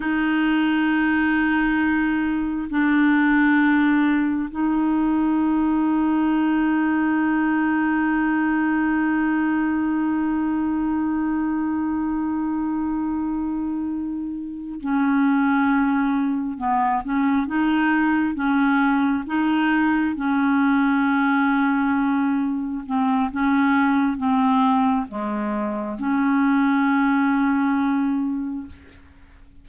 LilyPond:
\new Staff \with { instrumentName = "clarinet" } { \time 4/4 \tempo 4 = 67 dis'2. d'4~ | d'4 dis'2.~ | dis'1~ | dis'1~ |
dis'8 cis'2 b8 cis'8 dis'8~ | dis'8 cis'4 dis'4 cis'4.~ | cis'4. c'8 cis'4 c'4 | gis4 cis'2. | }